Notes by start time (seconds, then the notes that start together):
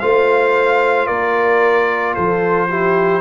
0.00 A3 F4 C5 F5
1.06 A#3 A#4 D5
2.14 F3 A4 C5
2.69 E4 G4